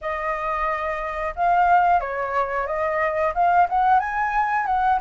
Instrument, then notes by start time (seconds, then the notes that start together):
flute
0.01 D#5
1.35 F5
2.00 C#5
2.66 D#5
3.34 F5
3.69 F#5
3.99 G#5
4.66 F#5